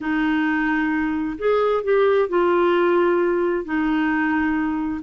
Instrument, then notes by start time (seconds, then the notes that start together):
clarinet
0.00 D#4
1.38 G#4
1.83 G4
2.29 F4
3.64 D#4